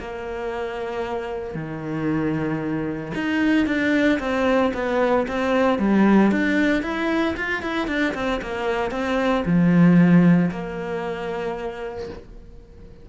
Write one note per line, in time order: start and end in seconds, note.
0.00 1.55 A#3
1.55 3.13 D#3
3.15 3.67 D#4
3.67 4.19 D4
4.20 4.72 C4
4.74 5.27 B3
5.28 5.79 C4
5.79 6.32 G3
6.32 6.83 D4
6.83 7.35 E4
7.37 7.62 F4
7.62 7.88 E4
7.88 8.14 D4
8.15 8.41 C4
8.42 8.92 A#3
8.92 9.44 C4
9.46 10.51 F3
10.52 12.10 A#3